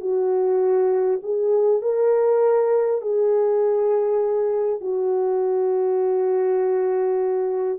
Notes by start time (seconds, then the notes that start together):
0.00 F#4
1.22 G#4
1.82 A#4
3.01 G#4
4.81 F#4